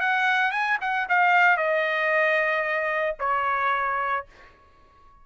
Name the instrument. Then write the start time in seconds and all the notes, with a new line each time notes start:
trumpet
0.00 F#5
0.51 G#5
0.81 F#5
1.09 F5
1.57 D#5
3.19 C#5